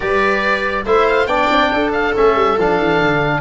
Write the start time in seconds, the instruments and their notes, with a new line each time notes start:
0.00 tuba G3, trombone G4, viola B4, oboe D5
0.85 tuba A3, trombone E4, viola C5, oboe E5
1.07 oboe F5
1.26 tuba B3, trombone D4, viola D5, oboe G5
1.51 tuba C4
1.72 tuba D4, viola A4
1.92 oboe F5
2.15 tuba A3, trombone C#4, oboe E5
2.35 tuba G3
2.58 tuba F3, trombone D4, oboe F5
2.79 tuba E3
3.00 tuba D3